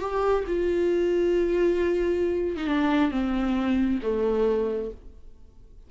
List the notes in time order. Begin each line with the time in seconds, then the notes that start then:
0.00 G4
0.47 F4
2.56 D#4
2.67 D4
3.11 C4
4.02 A3